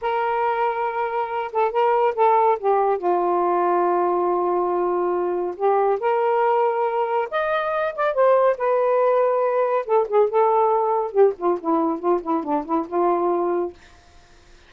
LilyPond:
\new Staff \with { instrumentName = "saxophone" } { \time 4/4 \tempo 4 = 140 ais'2.~ ais'8 a'8 | ais'4 a'4 g'4 f'4~ | f'1~ | f'4 g'4 ais'2~ |
ais'4 dis''4. d''8 c''4 | b'2. a'8 gis'8 | a'2 g'8 f'8 e'4 | f'8 e'8 d'8 e'8 f'2 | }